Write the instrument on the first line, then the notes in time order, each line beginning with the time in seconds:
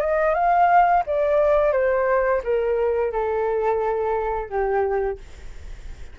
flute
0.00 D#5
0.34 F5
1.06 D5
1.72 C5
2.44 A#4
3.12 A4
4.49 G4